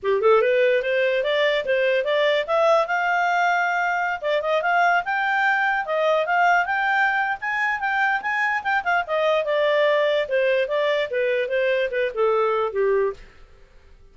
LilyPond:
\new Staff \with { instrumentName = "clarinet" } { \time 4/4 \tempo 4 = 146 g'8 a'8 b'4 c''4 d''4 | c''4 d''4 e''4 f''4~ | f''2~ f''16 d''8 dis''8 f''8.~ | f''16 g''2 dis''4 f''8.~ |
f''16 g''4.~ g''16 gis''4 g''4 | gis''4 g''8 f''8 dis''4 d''4~ | d''4 c''4 d''4 b'4 | c''4 b'8 a'4. g'4 | }